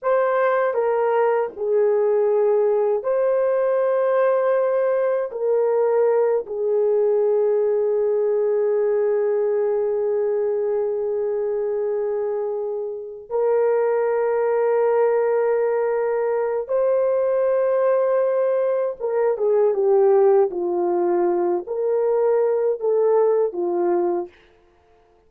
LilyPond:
\new Staff \with { instrumentName = "horn" } { \time 4/4 \tempo 4 = 79 c''4 ais'4 gis'2 | c''2. ais'4~ | ais'8 gis'2.~ gis'8~ | gis'1~ |
gis'4. ais'2~ ais'8~ | ais'2 c''2~ | c''4 ais'8 gis'8 g'4 f'4~ | f'8 ais'4. a'4 f'4 | }